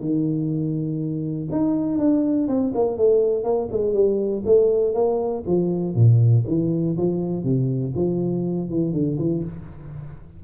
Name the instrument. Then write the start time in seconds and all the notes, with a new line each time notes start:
tuba
0.00 D#3
1.51 D#4
1.98 D4
2.48 C4
2.75 A#3
2.98 A3
3.44 A#3
3.71 G#3
3.93 G3
4.45 A3
4.94 A#3
5.47 F3
5.95 A#2
6.47 E3
6.97 F3
7.44 C3
7.95 F3
8.69 E3
8.93 D3
9.18 E3